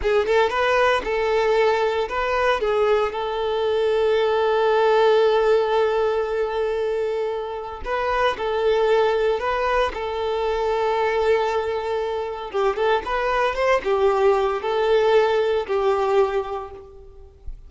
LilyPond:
\new Staff \with { instrumentName = "violin" } { \time 4/4 \tempo 4 = 115 gis'8 a'8 b'4 a'2 | b'4 gis'4 a'2~ | a'1~ | a'2. b'4 |
a'2 b'4 a'4~ | a'1 | g'8 a'8 b'4 c''8 g'4. | a'2 g'2 | }